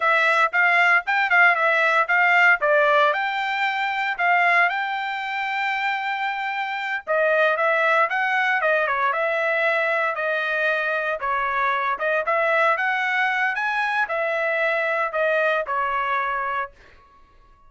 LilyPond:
\new Staff \with { instrumentName = "trumpet" } { \time 4/4 \tempo 4 = 115 e''4 f''4 g''8 f''8 e''4 | f''4 d''4 g''2 | f''4 g''2.~ | g''4. dis''4 e''4 fis''8~ |
fis''8 dis''8 cis''8 e''2 dis''8~ | dis''4. cis''4. dis''8 e''8~ | e''8 fis''4. gis''4 e''4~ | e''4 dis''4 cis''2 | }